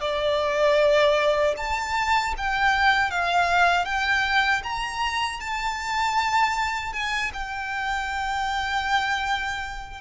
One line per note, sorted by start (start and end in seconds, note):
0.00 1.54 D5
1.57 2.34 A5
2.37 3.10 G5
3.10 3.85 F5
3.85 4.62 G5
4.63 5.40 A#5
5.40 6.92 A5
6.92 7.31 G#5
7.33 10.01 G5